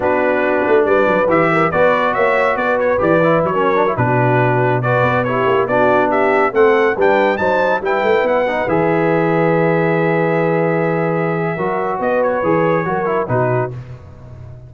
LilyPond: <<
  \new Staff \with { instrumentName = "trumpet" } { \time 4/4 \tempo 4 = 140 b'2 d''4 e''4 | d''4 e''4 d''8 cis''8 d''4 | cis''4~ cis''16 b'2 d''8.~ | d''16 cis''4 d''4 e''4 fis''8.~ |
fis''16 g''4 a''4 g''4 fis''8.~ | fis''16 e''2.~ e''8.~ | e''1 | dis''8 cis''2~ cis''8 b'4 | }
  \new Staff \with { instrumentName = "horn" } { \time 4/4 fis'2 b'4. ais'8 | b'4 cis''4 b'2~ | b'16 ais'4 fis'2 b'8.~ | b'16 g'4 fis'4 g'4 a'8.~ |
a'16 b'4 c''4 b'4.~ b'16~ | b'1~ | b'2. ais'4 | b'2 ais'4 fis'4 | }
  \new Staff \with { instrumentName = "trombone" } { \time 4/4 d'2. g'4 | fis'2. g'8 e'8~ | e'16 cis'8 d'16 e'16 d'2 fis'8.~ | fis'16 e'4 d'2 c'8.~ |
c'16 d'4 dis'4 e'4. dis'16~ | dis'16 gis'2.~ gis'8.~ | gis'2. fis'4~ | fis'4 gis'4 fis'8 e'8 dis'4 | }
  \new Staff \with { instrumentName = "tuba" } { \time 4/4 b4. a8 g8 fis8 e4 | b4 ais4 b4 e4 | fis4~ fis16 b,2~ b,8 b16~ | b8. ais8 b2 a8.~ |
a16 g4 fis4 g8 a8 b8.~ | b16 e2.~ e8.~ | e2. fis4 | b4 e4 fis4 b,4 | }
>>